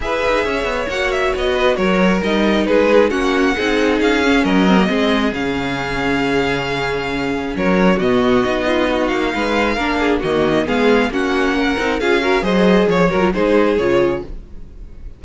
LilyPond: <<
  \new Staff \with { instrumentName = "violin" } { \time 4/4 \tempo 4 = 135 e''2 fis''8 e''8 dis''4 | cis''4 dis''4 b'4 fis''4~ | fis''4 f''4 dis''2 | f''1~ |
f''4 cis''4 dis''2~ | dis''8 f''2~ f''8 dis''4 | f''4 fis''2 f''4 | dis''4 cis''8 ais'8 c''4 cis''4 | }
  \new Staff \with { instrumentName = "violin" } { \time 4/4 b'4 cis''2~ cis''8 b'8 | ais'2 gis'4 fis'4 | gis'2 ais'4 gis'4~ | gis'1~ |
gis'4 ais'4 fis'4. f'8 | fis'4 b'4 ais'8 gis'8 fis'4 | gis'4 fis'4 ais'4 gis'8 ais'8 | c''4 cis''4 gis'2 | }
  \new Staff \with { instrumentName = "viola" } { \time 4/4 gis'2 fis'2~ | fis'4 dis'2 cis'4 | dis'4. cis'4 c'16 ais16 c'4 | cis'1~ |
cis'2 b4 dis'4~ | dis'2 d'4 ais4 | b4 cis'4. dis'8 f'8 fis'8 | gis'4. fis'16 f'16 dis'4 f'4 | }
  \new Staff \with { instrumentName = "cello" } { \time 4/4 e'8 dis'8 cis'8 b8 ais4 b4 | fis4 g4 gis4 ais4 | c'4 cis'4 fis4 gis4 | cis1~ |
cis4 fis4 b,4 b4~ | b8 ais8 gis4 ais4 dis4 | gis4 ais4. c'8 cis'4 | fis4 f8 fis8 gis4 cis4 | }
>>